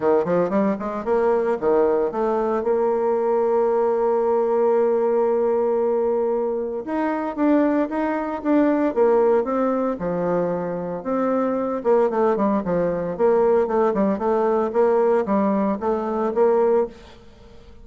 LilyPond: \new Staff \with { instrumentName = "bassoon" } { \time 4/4 \tempo 4 = 114 dis8 f8 g8 gis8 ais4 dis4 | a4 ais2.~ | ais1~ | ais4 dis'4 d'4 dis'4 |
d'4 ais4 c'4 f4~ | f4 c'4. ais8 a8 g8 | f4 ais4 a8 g8 a4 | ais4 g4 a4 ais4 | }